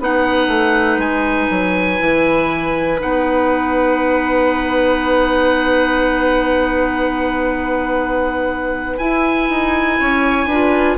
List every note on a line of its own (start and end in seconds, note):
0.00 0.47 B3
0.00 1.99 D#4
0.00 10.00 B4
0.00 1.00 F#5
0.47 0.97 A3
0.98 1.48 G#3
0.98 3.00 G#5
1.50 2.00 F#3
1.99 3.00 E3
1.99 2.99 E4
2.99 8.99 B3
2.99 8.99 D#4
2.99 8.98 F#5
8.98 10.49 E4
8.98 9.49 E4
8.98 10.98 G#5
9.49 9.99 D#4
10.00 10.46 C#4
10.00 10.46 C#5
10.46 10.96 D4
10.46 10.98 F4
10.46 10.96 B4